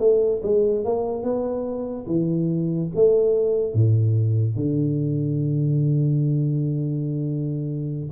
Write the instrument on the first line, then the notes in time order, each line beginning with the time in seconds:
tuba
0.00 A3
0.43 G#3
0.85 A#3
1.23 B3
2.07 E3
2.95 A3
3.74 A2
4.56 D3